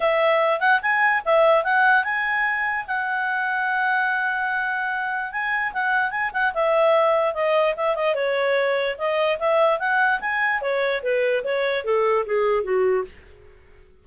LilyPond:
\new Staff \with { instrumentName = "clarinet" } { \time 4/4 \tempo 4 = 147 e''4. fis''8 gis''4 e''4 | fis''4 gis''2 fis''4~ | fis''1~ | fis''4 gis''4 fis''4 gis''8 fis''8 |
e''2 dis''4 e''8 dis''8 | cis''2 dis''4 e''4 | fis''4 gis''4 cis''4 b'4 | cis''4 a'4 gis'4 fis'4 | }